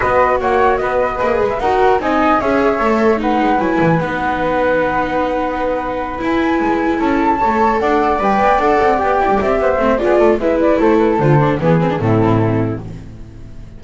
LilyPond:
<<
  \new Staff \with { instrumentName = "flute" } { \time 4/4 \tempo 4 = 150 dis''4 fis''4 dis''4.~ dis''16 e''16 | fis''4 gis''4 e''2 | fis''4 gis''4 fis''2~ | fis''2.~ fis''8 gis''8~ |
gis''4. a''2 fis''8~ | fis''8 g''4 fis''4 g''4 e''8~ | e''4 d''4 e''8 d''8 c''8 b'8 | c''4 b'4 a'2 | }
  \new Staff \with { instrumentName = "flute" } { \time 4/4 b'4 cis''4 b'2 | ais'4 dis''4 cis''2 | b'1~ | b'1~ |
b'4. a'4 cis''4 d''8~ | d''1 | c''4 gis'8 a'8 b'4 a'4~ | a'4 gis'4 e'2 | }
  \new Staff \with { instrumentName = "viola" } { \time 4/4 fis'2. gis'4 | fis'4 dis'4 gis'4 a'4 | dis'4 e'4 dis'2~ | dis'2.~ dis'8 e'8~ |
e'2~ e'8 a'4.~ | a'8 b'4 a'4 g'4.~ | g'8 c'8 f'4 e'2 | f'8 d'8 b8 c'16 d'16 c'2 | }
  \new Staff \with { instrumentName = "double bass" } { \time 4/4 b4 ais4 b4 ais8 gis8 | dis'4 c'4 cis'4 a4~ | a8 gis8 fis8 e8 b2~ | b2.~ b8 e'8~ |
e'8 gis4 cis'4 a4 d'8~ | d'8 g8 b8 d'8 c'8 b8 e'16 g16 c'8 | b8 a8 b8 a8 gis4 a4 | d4 e4 a,2 | }
>>